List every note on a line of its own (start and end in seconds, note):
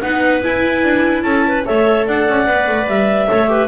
0.00 0.44 B3
0.00 0.41 D#4
0.00 1.25 B4
0.00 0.41 F#5
0.41 1.64 E4
0.41 0.83 E4
0.41 1.22 G#5
0.83 1.23 D4
1.22 1.64 C#4
1.22 1.45 A4
1.22 1.63 A5
1.47 1.67 B4
1.65 2.07 A3
1.65 2.47 A4
1.65 2.07 C#5
1.65 2.06 E5
2.07 2.28 D4
2.07 3.28 D5
2.07 2.88 F#5
2.29 2.47 C#4
2.47 2.67 B3
2.47 3.28 B4
2.67 2.87 A3
2.87 3.28 G3
2.87 3.68 E5
3.28 3.68 A3
3.28 3.47 A4
3.28 3.49 C#5
3.47 3.68 G4
3.47 3.68 B4